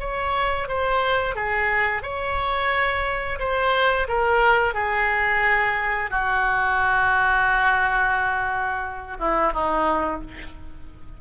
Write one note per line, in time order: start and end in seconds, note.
0.00 0.68 C#5
0.68 1.35 C5
1.35 2.02 G#4
2.02 3.39 C#5
3.39 4.08 C5
4.08 4.74 A#4
4.74 6.11 G#4
6.11 9.17 F#4
9.20 9.53 E4
9.53 10.21 D#4